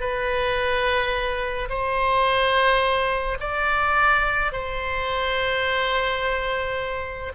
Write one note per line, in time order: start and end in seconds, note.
0.00 1.68 B4
1.69 3.37 C5
3.40 4.52 D5
4.52 7.32 C5